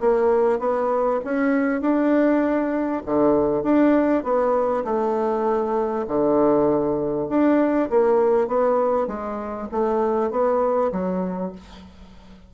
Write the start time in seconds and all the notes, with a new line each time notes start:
0.00 A#3
0.59 B3
1.24 C#4
1.81 D4
3.06 D3
3.63 D4
4.23 B3
4.85 A3
6.08 D3
7.29 D4
7.90 A#3
8.48 B3
9.07 G#3
9.72 A3
10.31 B3
10.92 F#3